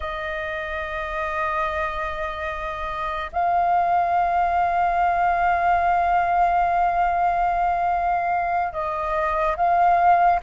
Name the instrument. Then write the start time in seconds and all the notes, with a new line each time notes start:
flute
0.00 D#5
3.32 F5
8.72 D#5
9.56 F5